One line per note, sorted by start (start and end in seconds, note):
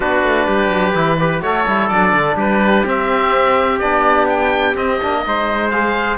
0.00 0.23 B3
0.00 0.94 D4
0.00 0.46 F#4
0.00 1.42 B4
0.23 0.47 A3
0.46 0.69 G3
0.46 1.18 G4
0.69 0.92 F#3
0.94 1.41 E3
0.94 1.17 E4
1.19 1.42 G4
1.19 1.44 B4
1.41 1.65 A3
1.41 1.66 F#4
1.41 2.36 A4
1.41 1.88 C#5
1.66 1.90 G3
1.66 1.91 E4
1.88 2.13 F#3
1.88 2.85 D4
1.88 2.36 D5
2.13 2.35 D3
2.35 2.83 G3
2.35 5.22 G4
2.35 2.87 B4
2.85 3.80 C4
2.85 3.79 E5
3.79 4.76 B3
3.79 4.74 D4
3.79 4.26 D5
4.29 4.76 G5
4.74 4.98 C4
4.74 5.01 C4
4.74 5.70 D#5
5.02 5.25 A#3
5.02 5.25 D4
5.25 6.18 G#3
5.25 5.71 D#4
5.25 6.18 C5
5.70 6.18 G#4
5.70 6.18 F5